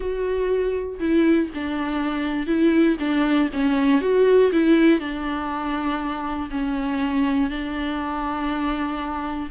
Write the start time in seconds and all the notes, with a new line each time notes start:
0.00 F#4
0.99 E4
1.54 D4
2.46 E4
2.99 D4
3.53 C#4
4.01 F#4
4.51 E4
4.99 D4
6.50 C#4
7.50 D4